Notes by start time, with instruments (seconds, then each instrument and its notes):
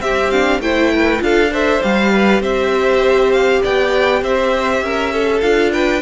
0.00 cello C4, viola C4, violin G4 E5
0.30 viola D4, violin F5
0.59 cello A3, viola E4, violin C5 G5
0.93 violin B4
1.18 cello D4, viola F4, violin A4 F5
1.51 viola A4, violin C5 E5
1.81 cello G3, viola G4, violin F5
2.12 violin B4
2.40 cello C4, violin C5 E5
3.32 violin F5
3.62 cello B3, violin D5 G5
4.21 cello C4, violin C5 E5
4.81 cello C#4, violin A#4
5.13 violin A4
5.40 cello D4, viola F4, violin F5
5.72 violin B4 G5